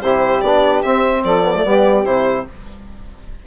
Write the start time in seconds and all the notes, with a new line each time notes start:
0.00 C3 E4 G4 C5
0.41 B3 D4 D5
0.83 C4 E5
1.24 F3 A4 D5
1.43 B3
1.55 A3
1.64 G3 B3 G4
2.05 C3 E4 C5